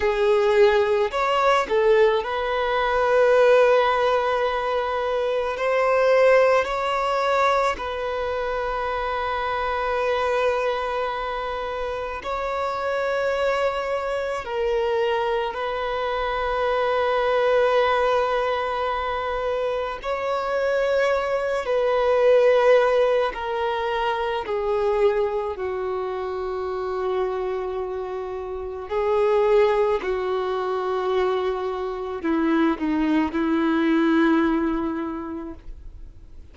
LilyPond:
\new Staff \with { instrumentName = "violin" } { \time 4/4 \tempo 4 = 54 gis'4 cis''8 a'8 b'2~ | b'4 c''4 cis''4 b'4~ | b'2. cis''4~ | cis''4 ais'4 b'2~ |
b'2 cis''4. b'8~ | b'4 ais'4 gis'4 fis'4~ | fis'2 gis'4 fis'4~ | fis'4 e'8 dis'8 e'2 | }